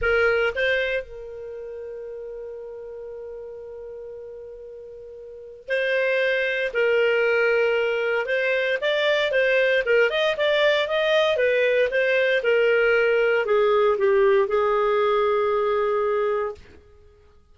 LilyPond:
\new Staff \with { instrumentName = "clarinet" } { \time 4/4 \tempo 4 = 116 ais'4 c''4 ais'2~ | ais'1~ | ais'2. c''4~ | c''4 ais'2. |
c''4 d''4 c''4 ais'8 dis''8 | d''4 dis''4 b'4 c''4 | ais'2 gis'4 g'4 | gis'1 | }